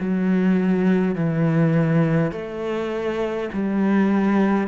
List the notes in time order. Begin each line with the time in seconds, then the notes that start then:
0.00 F#3
1.16 E3
2.32 A3
3.53 G3